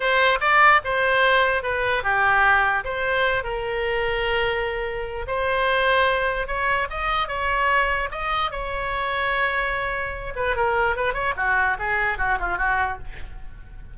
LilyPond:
\new Staff \with { instrumentName = "oboe" } { \time 4/4 \tempo 4 = 148 c''4 d''4 c''2 | b'4 g'2 c''4~ | c''8 ais'2.~ ais'8~ | ais'4 c''2. |
cis''4 dis''4 cis''2 | dis''4 cis''2.~ | cis''4. b'8 ais'4 b'8 cis''8 | fis'4 gis'4 fis'8 f'8 fis'4 | }